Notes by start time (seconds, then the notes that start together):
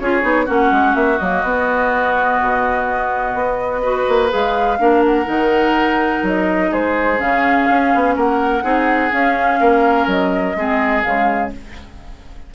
0.00 C#4 F4 G#4 C#5
0.22 B3 D#4
0.46 A#3 C#4 F#4 F#5
0.72 G#3
0.95 A#3 E5
1.19 F#3 A#3 D#5
1.43 B3
2.42 B2
3.34 B3
3.82 F#4 B4
4.09 A#3
4.30 G#3 G#4 F5
4.79 A#3 D4 A#4
5.06 F#5
5.26 D#3 D#4
6.23 F#3 D#5
6.71 G#3 G#4 C5
7.18 C#3 C#4 F5
7.71 C#4
7.95 B3
8.17 A#3 A#4 F#5
8.63 C4 D#4 G#4
9.12 C#4 F5
9.60 A#3 A#4
10.07 F#3 D#5
10.56 G#3 C4 G#4
11.03 C#3 G#3 F5